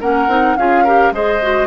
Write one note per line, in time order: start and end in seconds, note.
0.00 0.27 A#3
0.00 0.29 C#4
0.00 0.57 A#4
0.00 0.56 F#5
0.27 0.56 C4
0.27 0.57 D#4
0.56 1.11 C#4
0.56 0.86 F4
0.56 0.84 G#4
0.56 1.13 F5
0.84 1.14 G4
0.84 1.12 A#4
1.11 1.67 G#3
1.11 1.42 G#4
1.11 1.67 C5
1.11 1.67 D#5
1.42 1.67 F#4